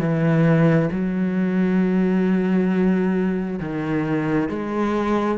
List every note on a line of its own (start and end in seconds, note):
0.00 0.90 E3
0.92 3.60 F#3
3.60 4.49 D#3
4.49 5.39 G#3